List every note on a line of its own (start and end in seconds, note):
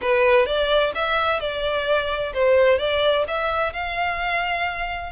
0.01 0.46 B4
0.46 0.92 D5
0.94 1.40 E5
1.40 2.33 D5
2.33 2.78 C5
2.78 3.25 D5
3.27 3.73 E5
3.73 5.12 F5